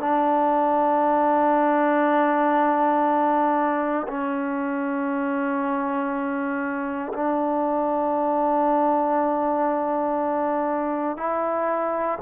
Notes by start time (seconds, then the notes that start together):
0.00 D4
4.08 C#4
7.13 D4
11.17 E4